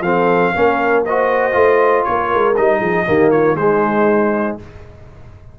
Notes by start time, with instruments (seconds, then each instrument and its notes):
0.00 tuba F3, trombone C4, horn A4, trumpet F5
0.54 tuba A#3, trombone C#4, horn A#4
1.05 trombone F#4, horn C5, trumpet D#5
1.52 tuba A3, trombone F4
2.04 tuba A#3, horn A#4, trumpet C#5
2.34 tuba G#3
2.56 tuba G3, trombone D#4, trumpet D#5
2.78 tuba F3, horn G#4
3.06 tuba D#3, trombone A#3, horn G4
3.30 horn F4, trumpet C#5
3.54 tuba G#3, trombone G#3, horn D#4, trumpet C5